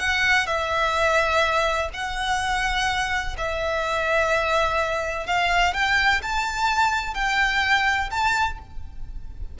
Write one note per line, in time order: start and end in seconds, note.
0.00 0.47 F#5
0.47 1.90 E5
1.94 3.37 F#5
3.38 5.27 E5
5.27 5.74 F5
5.74 6.22 G5
6.23 7.15 A5
7.15 8.10 G5
8.11 8.59 A5